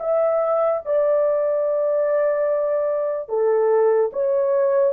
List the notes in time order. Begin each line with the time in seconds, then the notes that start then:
0.00 E5
0.86 D5
3.29 A4
4.13 C#5